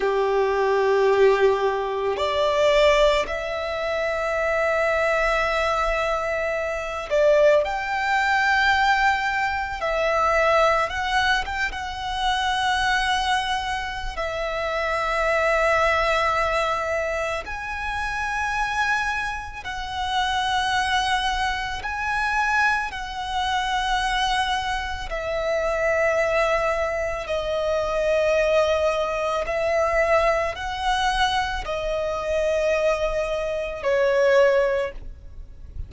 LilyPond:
\new Staff \with { instrumentName = "violin" } { \time 4/4 \tempo 4 = 55 g'2 d''4 e''4~ | e''2~ e''8 d''8 g''4~ | g''4 e''4 fis''8 g''16 fis''4~ fis''16~ | fis''4 e''2. |
gis''2 fis''2 | gis''4 fis''2 e''4~ | e''4 dis''2 e''4 | fis''4 dis''2 cis''4 | }